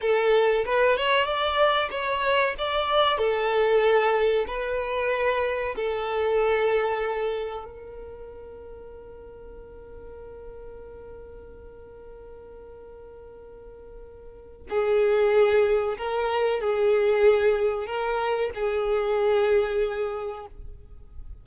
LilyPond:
\new Staff \with { instrumentName = "violin" } { \time 4/4 \tempo 4 = 94 a'4 b'8 cis''8 d''4 cis''4 | d''4 a'2 b'4~ | b'4 a'2. | ais'1~ |
ais'1~ | ais'2. gis'4~ | gis'4 ais'4 gis'2 | ais'4 gis'2. | }